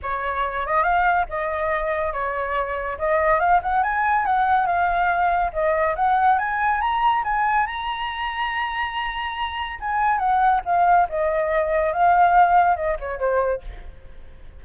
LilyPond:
\new Staff \with { instrumentName = "flute" } { \time 4/4 \tempo 4 = 141 cis''4. dis''8 f''4 dis''4~ | dis''4 cis''2 dis''4 | f''8 fis''8 gis''4 fis''4 f''4~ | f''4 dis''4 fis''4 gis''4 |
ais''4 gis''4 ais''2~ | ais''2. gis''4 | fis''4 f''4 dis''2 | f''2 dis''8 cis''8 c''4 | }